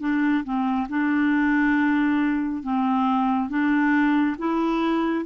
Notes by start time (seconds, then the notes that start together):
0.00 D4
0.44 C4
0.89 D4
2.63 C4
3.49 D4
4.38 E4